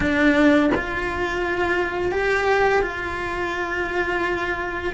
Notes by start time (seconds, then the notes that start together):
0.00 D4
0.74 F4
2.11 G4
2.82 F4